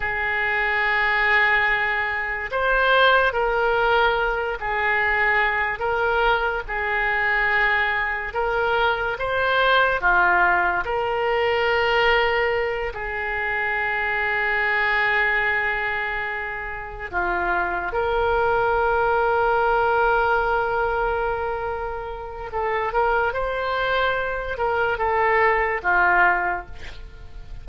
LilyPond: \new Staff \with { instrumentName = "oboe" } { \time 4/4 \tempo 4 = 72 gis'2. c''4 | ais'4. gis'4. ais'4 | gis'2 ais'4 c''4 | f'4 ais'2~ ais'8 gis'8~ |
gis'1~ | gis'8 f'4 ais'2~ ais'8~ | ais'2. a'8 ais'8 | c''4. ais'8 a'4 f'4 | }